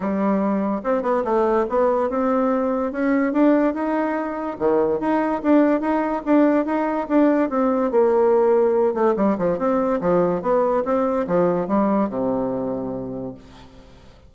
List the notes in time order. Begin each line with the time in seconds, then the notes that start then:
0.00 G3
0.83 C4
1.02 B3
1.24 A3
1.69 B3
2.09 C4
2.92 C#4
3.32 D4
3.74 D#4
4.58 D#3
5.00 D#4
5.42 D4
5.80 D#4
6.25 D4
6.65 D#4
7.08 D4
7.49 C4
7.91 A#3
8.94 A3
9.16 G3
9.37 F3
9.58 C4
10.00 F3
10.41 B3
10.84 C4
11.27 F3
11.67 G3
12.09 C3